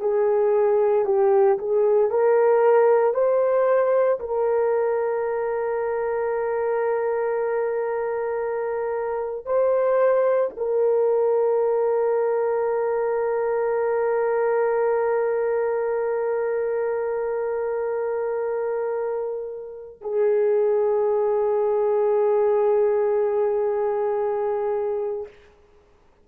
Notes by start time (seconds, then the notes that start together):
0.00 G#4
1.05 G4
1.58 G#4
2.11 A#4
3.14 C5
4.20 A#4
9.45 C5
10.56 A#4
20.01 G#4